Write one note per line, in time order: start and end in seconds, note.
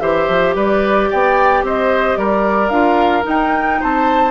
0.00 0.28 E3
0.00 2.70 G4
0.00 0.56 C5
0.00 0.54 E5
0.29 0.55 F3
0.55 1.09 G3
0.55 1.10 B4
0.55 1.11 D5
1.10 1.63 B3
1.10 1.64 D5
1.10 1.65 G5
1.63 2.17 C4
1.63 2.19 C5
1.63 2.17 D#5
2.17 2.70 G3
2.17 3.81 A#4
2.17 2.69 D5
2.69 3.24 D4
2.69 3.23 F4
2.69 3.23 F5
3.23 4.31 D#4
3.23 3.82 D#4
3.23 3.82 G5
3.81 4.32 C4
3.81 4.32 C5
3.81 4.32 A5